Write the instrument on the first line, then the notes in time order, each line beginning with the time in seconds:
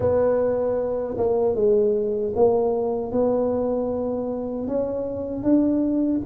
tuba
0.00 B3
1.17 A#3
1.55 G#3
2.35 A#3
3.11 B3
4.68 C#4
5.43 D4